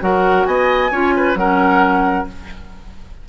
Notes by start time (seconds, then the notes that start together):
0.00 F#3 F#4 A#4 F#5
0.45 B3 D#5 G#5
0.91 C#4 F4 C#5
1.16 B4
1.35 F#3 C#4 A#4 F#5